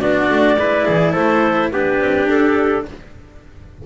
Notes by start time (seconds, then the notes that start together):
0.00 B3 D4 F#4 D5
0.29 A3
0.58 G#3 E4 B4
0.86 E3 G#4
1.12 A3 A4 C5
1.71 B3 D4 G4 B4
2.00 C4
2.27 D4 A4